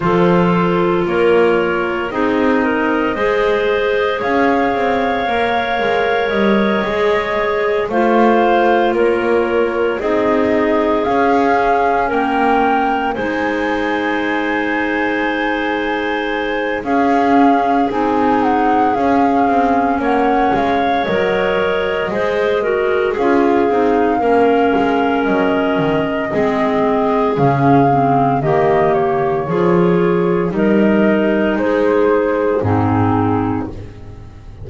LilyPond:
<<
  \new Staff \with { instrumentName = "flute" } { \time 4/4 \tempo 4 = 57 c''4 cis''4 dis''2 | f''2 dis''4. f''8~ | f''8 cis''4 dis''4 f''4 g''8~ | g''8 gis''2.~ gis''8 |
f''4 gis''8 fis''8 f''4 fis''8 f''8 | dis''2 f''2 | dis''2 f''4 dis''8 cis''8~ | cis''4 dis''4 c''4 gis'4 | }
  \new Staff \with { instrumentName = "clarinet" } { \time 4/4 a'4 ais'4 gis'8 ais'8 c''4 | cis''2.~ cis''8 c''8~ | c''8 ais'4 gis'2 ais'8~ | ais'8 c''2.~ c''8 |
gis'2. cis''4~ | cis''4 c''8 ais'8 gis'4 ais'4~ | ais'4 gis'2 g'4 | gis'4 ais'4 gis'4 dis'4 | }
  \new Staff \with { instrumentName = "clarinet" } { \time 4/4 f'2 dis'4 gis'4~ | gis'4 ais'4. gis'4 f'8~ | f'4. dis'4 cis'4.~ | cis'8 dis'2.~ dis'8 |
cis'4 dis'4 cis'2 | ais'4 gis'8 fis'8 f'8 dis'8 cis'4~ | cis'4 c'4 cis'8 c'8 ais4 | f'4 dis'2 c'4 | }
  \new Staff \with { instrumentName = "double bass" } { \time 4/4 f4 ais4 c'4 gis4 | cis'8 c'8 ais8 gis8 g8 gis4 a8~ | a8 ais4 c'4 cis'4 ais8~ | ais8 gis2.~ gis8 |
cis'4 c'4 cis'8 c'8 ais8 gis8 | fis4 gis4 cis'8 c'8 ais8 gis8 | fis8 dis8 gis4 cis4 dis4 | f4 g4 gis4 gis,4 | }
>>